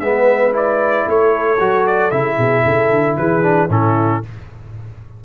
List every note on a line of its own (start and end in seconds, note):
0.00 1.06 G#3
0.00 0.53 B3
0.00 1.07 B4
0.00 0.53 E5
0.53 1.58 E4
0.53 1.09 D5
1.07 1.60 A3
1.07 2.37 A4
1.07 1.87 C#5
1.60 2.12 F#3
1.60 2.12 F#4
1.87 2.11 D5
2.11 2.38 C#3
2.11 3.43 E4
2.11 3.17 E5
2.37 2.65 B2
2.37 2.63 G#4
2.65 2.91 C#3
2.65 3.17 A4
2.91 3.18 D3
3.17 3.69 E3
3.17 3.71 G#4
3.17 3.70 B4
3.43 3.69 D4
3.69 4.22 A2
3.69 4.23 C#4
3.69 4.25 E4
3.69 4.24 A4